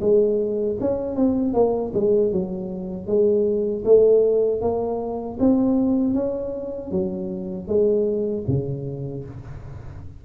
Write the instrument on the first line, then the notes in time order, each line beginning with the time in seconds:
tuba
0.00 G#3
0.80 C#4
1.16 C4
1.53 A#3
1.94 G#3
2.32 F#3
3.07 G#3
3.85 A3
4.61 A#3
5.40 C4
6.14 C#4
6.91 F#3
7.67 G#3
8.48 C#3